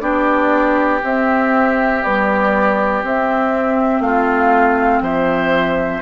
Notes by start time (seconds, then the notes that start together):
0.00 B3 D4 G4 D5
1.02 C4 E5
2.02 G3 B3 D5
3.02 C4 E5
4.00 A3 F4 F5
5.01 F3 C5 E5